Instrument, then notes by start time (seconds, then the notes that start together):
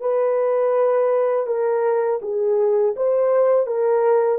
horn
0.00 B4
1.47 A#4
2.22 G#4
2.96 C5
3.67 A#4